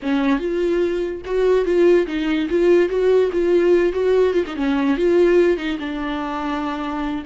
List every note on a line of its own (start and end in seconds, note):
0.02 0.39 C#4
0.39 1.22 F4
1.25 1.65 F#4
1.65 2.06 F4
2.07 2.48 D#4
2.49 2.89 F4
2.89 3.30 F#4
3.32 3.92 F4
3.92 4.33 F#4
4.33 4.44 F4
4.47 4.55 D#4
4.55 4.97 C#4
4.97 5.57 F4
5.57 5.77 D#4
5.79 7.24 D4